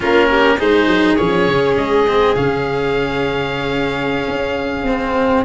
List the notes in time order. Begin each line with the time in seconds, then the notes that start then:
0.00 A#3 C#4 F4 A#4
0.30 G4
0.59 G#3 D#4 G#4 C5
0.87 F#3
1.16 F3 C#4 C#5
1.47 C#3
1.76 G#3 D#5
2.07 C4
2.35 C#3 C#4 F5
4.27 C#4
4.83 C4